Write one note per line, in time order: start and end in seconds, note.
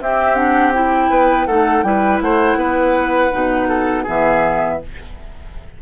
0.00 1.09 C4
0.00 0.36 C4
0.00 1.10 G4
0.00 0.35 E5
0.35 0.73 D4
0.35 0.72 F#5
0.73 1.47 E4
0.73 1.46 G5
1.09 1.46 B3
1.09 1.46 B4
1.46 1.83 A3
1.46 1.83 D#4
1.46 1.83 A4
1.46 1.82 F#5
1.82 2.20 G3
1.82 3.31 E4
1.82 2.23 B4
1.82 2.19 G5
2.21 2.55 A3
2.21 2.58 C5
2.21 4.06 F#5
2.55 3.29 B3
2.55 3.68 B4
3.31 4.07 B2
3.31 4.05 D#4
3.68 4.03 A4
4.03 4.82 E3
4.03 4.80 B3
4.03 4.77 G#4
4.03 4.81 E5